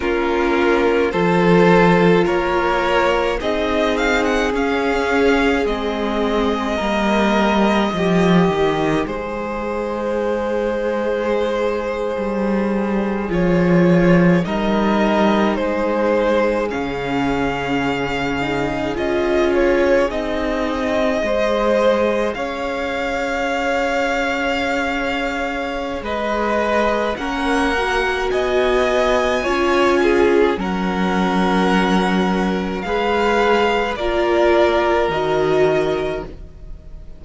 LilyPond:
<<
  \new Staff \with { instrumentName = "violin" } { \time 4/4 \tempo 4 = 53 ais'4 c''4 cis''4 dis''8 f''16 fis''16 | f''4 dis''2. | c''2.~ c''8. cis''16~ | cis''8. dis''4 c''4 f''4~ f''16~ |
f''8. dis''8 cis''8 dis''2 f''16~ | f''2. dis''4 | fis''4 gis''2 fis''4~ | fis''4 f''4 d''4 dis''4 | }
  \new Staff \with { instrumentName = "violin" } { \time 4/4 f'4 a'4 ais'4 gis'4~ | gis'2 ais'4 g'4 | gis'1~ | gis'8. ais'4 gis'2~ gis'16~ |
gis'2~ gis'8. c''4 cis''16~ | cis''2. b'4 | ais'4 dis''4 cis''8 gis'8 ais'4~ | ais'4 b'4 ais'2 | }
  \new Staff \with { instrumentName = "viola" } { \time 4/4 cis'4 f'2 dis'4 | cis'4 c'4 ais4 dis'4~ | dis'2.~ dis'8. f'16~ | f'8. dis'2 cis'4~ cis'16~ |
cis'16 dis'8 f'4 dis'4 gis'4~ gis'16~ | gis'1 | cis'8 fis'4. f'4 cis'4~ | cis'4 gis'4 f'4 fis'4 | }
  \new Staff \with { instrumentName = "cello" } { \time 4/4 ais4 f4 ais4 c'4 | cis'4 gis4 g4 f8 dis8 | gis2~ gis8. g4 f16~ | f8. g4 gis4 cis4~ cis16~ |
cis8. cis'4 c'4 gis4 cis'16~ | cis'2. gis4 | ais4 b4 cis'4 fis4~ | fis4 gis4 ais4 dis4 | }
>>